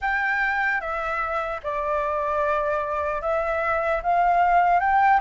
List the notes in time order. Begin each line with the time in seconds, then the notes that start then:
0.01 G5
0.80 E5
1.63 D5
3.21 E5
4.02 F5
4.80 G5